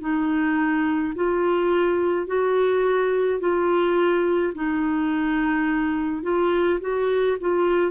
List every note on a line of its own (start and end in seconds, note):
0.00 1.13 D#4
1.15 2.26 F4
2.26 3.40 F#4
3.40 4.53 F4
4.54 6.23 D#4
6.23 6.79 F4
6.80 7.36 F#4
7.40 7.91 F4